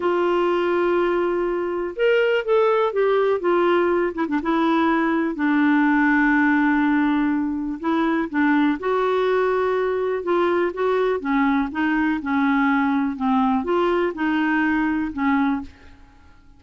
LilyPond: \new Staff \with { instrumentName = "clarinet" } { \time 4/4 \tempo 4 = 123 f'1 | ais'4 a'4 g'4 f'4~ | f'8 e'16 d'16 e'2 d'4~ | d'1 |
e'4 d'4 fis'2~ | fis'4 f'4 fis'4 cis'4 | dis'4 cis'2 c'4 | f'4 dis'2 cis'4 | }